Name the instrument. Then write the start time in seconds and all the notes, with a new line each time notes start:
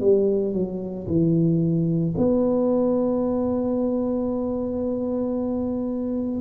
tuba
0.00 G3
0.54 F#3
1.07 E3
2.18 B3